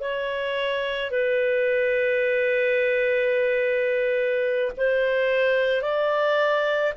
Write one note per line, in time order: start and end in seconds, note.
0.00 1.11 C#5
1.11 4.72 B4
4.77 5.82 C5
5.82 6.93 D5